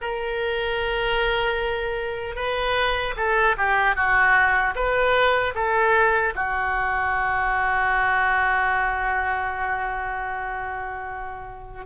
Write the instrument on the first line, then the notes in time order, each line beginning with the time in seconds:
oboe
0.01 A#4
2.35 B4
3.16 A4
3.57 G4
3.95 F#4
4.75 B4
5.54 A4
6.35 F#4